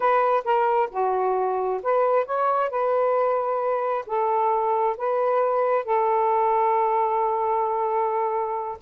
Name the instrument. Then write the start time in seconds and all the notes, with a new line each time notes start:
saxophone
0.00 B4
0.44 A#4
0.90 F#4
1.83 B4
2.25 C#5
2.70 B4
4.06 A4
4.97 B4
5.84 A4